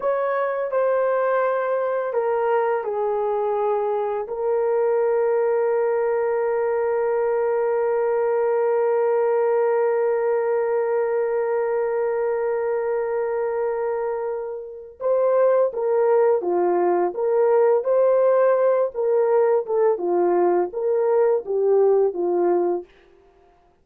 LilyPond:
\new Staff \with { instrumentName = "horn" } { \time 4/4 \tempo 4 = 84 cis''4 c''2 ais'4 | gis'2 ais'2~ | ais'1~ | ais'1~ |
ais'1~ | ais'4 c''4 ais'4 f'4 | ais'4 c''4. ais'4 a'8 | f'4 ais'4 g'4 f'4 | }